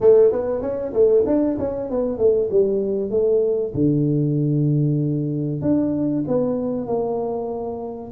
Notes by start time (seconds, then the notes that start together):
0.01 A3
0.32 B3
0.61 C#4
0.93 A3
1.26 D4
1.58 C#4
1.89 B3
2.18 A3
2.50 G3
3.10 A3
3.74 D3
5.61 D4
6.27 B3
6.86 A#3